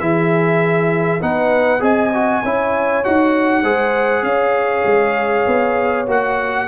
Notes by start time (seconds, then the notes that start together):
0.00 E3 E4 G#4 E5
1.21 B3 D#4 B4 F#5
1.80 C4 G#4 D#5 G#5
2.13 F#4
2.43 C#4 E4 C#5
3.04 D#4 F#4 F#5
3.62 G#3 G#4 C5
4.23 C#4 C#5 F5
4.85 G#3
5.47 B3
6.07 A#3 F#4 F#5